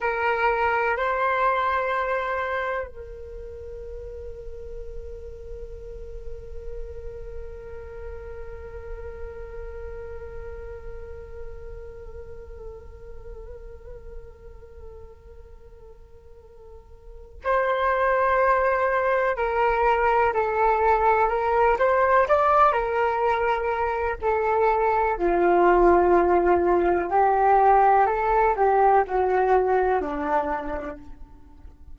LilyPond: \new Staff \with { instrumentName = "flute" } { \time 4/4 \tempo 4 = 62 ais'4 c''2 ais'4~ | ais'1~ | ais'1~ | ais'1~ |
ais'2 c''2 | ais'4 a'4 ais'8 c''8 d''8 ais'8~ | ais'4 a'4 f'2 | g'4 a'8 g'8 fis'4 d'4 | }